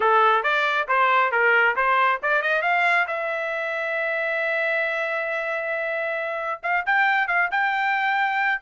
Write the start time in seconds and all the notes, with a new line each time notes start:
0.00 A4
0.43 D5
0.88 C5
1.31 A#4
1.75 C5
2.22 D5
2.42 D#5
2.62 F5
3.07 E5
6.63 F5
6.86 G5
7.27 F5
7.51 G5